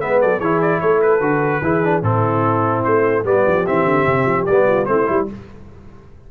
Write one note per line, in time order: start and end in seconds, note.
0.00 0.23 G#3
0.00 0.41 B3
0.00 0.21 B4
0.00 0.20 E5
0.21 0.40 F#3
0.21 0.39 A4
0.21 0.40 D5
0.39 0.81 E3
0.39 1.21 E4
0.39 0.79 G#4
0.39 0.60 C#5
0.61 0.80 D5
0.80 1.21 A3
0.80 1.62 A4
0.80 1.01 C#5
1.02 2.03 B4
1.21 1.61 D3
1.21 1.61 F#4
1.61 2.02 E3
1.61 1.84 E4
1.61 2.03 G#4
1.84 2.03 D4
2.02 2.83 A2
2.02 3.24 C4
2.02 3.24 E4
2.02 2.84 A4
2.84 3.24 A3
2.84 3.24 C5
3.24 3.44 G3
3.24 3.65 B3
3.24 4.67 G4
3.24 3.66 D5
3.47 3.67 F3
3.66 3.85 E3
3.66 4.47 C4
3.66 4.45 E5
3.85 4.05 D3
4.06 4.25 C3
4.25 4.46 F3
4.45 4.88 G3
4.45 4.86 B3
4.45 4.86 D5
4.67 4.87 F4
4.86 5.08 A3
4.86 5.06 C4
4.86 5.31 E4
4.86 5.26 C5
5.06 5.29 G3
5.06 5.26 E4